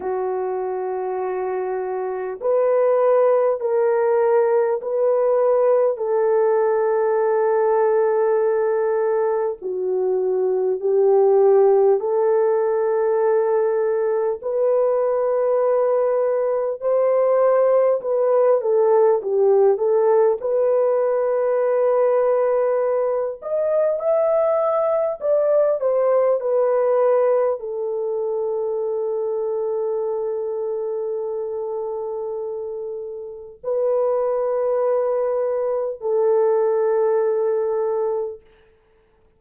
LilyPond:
\new Staff \with { instrumentName = "horn" } { \time 4/4 \tempo 4 = 50 fis'2 b'4 ais'4 | b'4 a'2. | fis'4 g'4 a'2 | b'2 c''4 b'8 a'8 |
g'8 a'8 b'2~ b'8 dis''8 | e''4 d''8 c''8 b'4 a'4~ | a'1 | b'2 a'2 | }